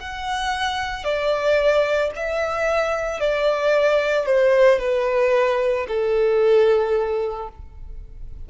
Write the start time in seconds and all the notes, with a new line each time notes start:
0.00 F#5
1.04 D5
2.16 E5
3.20 D5
4.26 C5
4.80 B4
5.88 A4